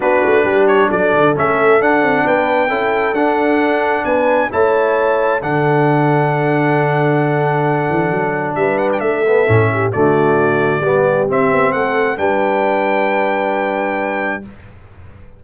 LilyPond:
<<
  \new Staff \with { instrumentName = "trumpet" } { \time 4/4 \tempo 4 = 133 b'4. cis''8 d''4 e''4 | fis''4 g''2 fis''4~ | fis''4 gis''4 a''2 | fis''1~ |
fis''2. e''8 fis''16 g''16 | e''2 d''2~ | d''4 e''4 fis''4 g''4~ | g''1 | }
  \new Staff \with { instrumentName = "horn" } { \time 4/4 fis'4 g'4 a'2~ | a'4 b'4 a'2~ | a'4 b'4 cis''2 | a'1~ |
a'2. b'4 | a'4. g'8 fis'2 | g'2 a'4 b'4~ | b'1 | }
  \new Staff \with { instrumentName = "trombone" } { \time 4/4 d'2. cis'4 | d'2 e'4 d'4~ | d'2 e'2 | d'1~ |
d'1~ | d'8 b8 cis'4 a2 | b4 c'2 d'4~ | d'1 | }
  \new Staff \with { instrumentName = "tuba" } { \time 4/4 b8 a8 g4 fis8 d8 a4 | d'8 c'8 b4 cis'4 d'4~ | d'4 b4 a2 | d1~ |
d4. e8 fis4 g4 | a4 a,4 d2 | g4 c'8 b8 a4 g4~ | g1 | }
>>